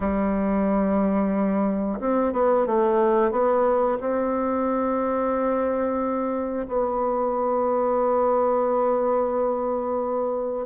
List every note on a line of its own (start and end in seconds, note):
0.00 1.99 G3
1.99 2.32 C4
2.32 2.66 B3
2.66 3.31 A3
3.31 3.98 B3
4.00 6.67 C4
6.67 10.66 B3